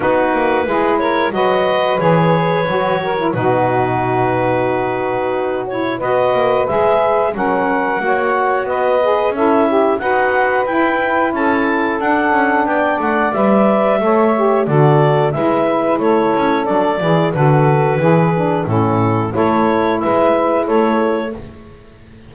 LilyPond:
<<
  \new Staff \with { instrumentName = "clarinet" } { \time 4/4 \tempo 4 = 90 b'4. cis''8 dis''4 cis''4~ | cis''4 b'2.~ | b'8 cis''8 dis''4 e''4 fis''4~ | fis''4 dis''4 e''4 fis''4 |
g''4 a''4 fis''4 g''8 fis''8 | e''2 d''4 e''4 | cis''4 d''4 b'2 | a'4 cis''4 e''4 cis''4 | }
  \new Staff \with { instrumentName = "saxophone" } { \time 4/4 fis'4 gis'8 ais'8 b'2~ | b'8 ais'8 fis'2.~ | fis'4 b'2 ais'4 | cis''4 b'4 e'4 b'4~ |
b'4 a'2 d''4~ | d''4 cis''4 a'4 b'4 | a'4. gis'8 a'4 gis'4 | e'4 a'4 b'4 a'4 | }
  \new Staff \with { instrumentName = "saxophone" } { \time 4/4 dis'4 e'4 fis'4 gis'4 | fis'8. e'16 dis'2.~ | dis'8 e'8 fis'4 gis'4 cis'4 | fis'4. gis'8 a'8 g'8 fis'4 |
e'2 d'2 | b'4 a'8 g'8 fis'4 e'4~ | e'4 d'8 e'8 fis'4 e'8 d'8 | cis'4 e'2. | }
  \new Staff \with { instrumentName = "double bass" } { \time 4/4 b8 ais8 gis4 fis4 e4 | fis4 b,2.~ | b,4 b8 ais8 gis4 fis4 | ais4 b4 cis'4 dis'4 |
e'4 cis'4 d'8 cis'8 b8 a8 | g4 a4 d4 gis4 | a8 cis'8 fis8 e8 d4 e4 | a,4 a4 gis4 a4 | }
>>